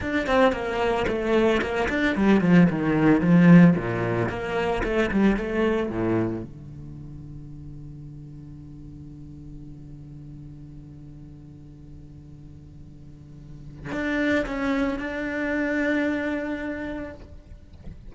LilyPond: \new Staff \with { instrumentName = "cello" } { \time 4/4 \tempo 4 = 112 d'8 c'8 ais4 a4 ais8 d'8 | g8 f8 dis4 f4 ais,4 | ais4 a8 g8 a4 a,4 | d1~ |
d1~ | d1~ | d2 d'4 cis'4 | d'1 | }